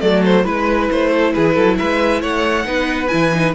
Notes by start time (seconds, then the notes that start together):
0.00 F#3 A3 A4 D5
0.24 C5
0.44 G#3 E4 B4
0.91 A3 C5
1.10 A4
1.33 E3 G#4 B4
1.54 F#3 A4
1.78 G#3 B4 E5
2.21 A3 C#5 F#5
2.65 B3 D#4 B4
3.07 E3 E4 G#5
3.33 D#4